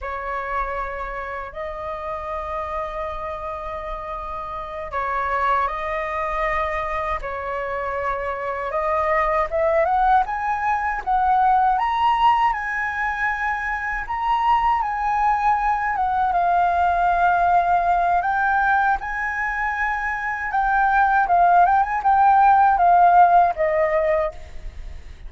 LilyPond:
\new Staff \with { instrumentName = "flute" } { \time 4/4 \tempo 4 = 79 cis''2 dis''2~ | dis''2~ dis''8 cis''4 dis''8~ | dis''4. cis''2 dis''8~ | dis''8 e''8 fis''8 gis''4 fis''4 ais''8~ |
ais''8 gis''2 ais''4 gis''8~ | gis''4 fis''8 f''2~ f''8 | g''4 gis''2 g''4 | f''8 g''16 gis''16 g''4 f''4 dis''4 | }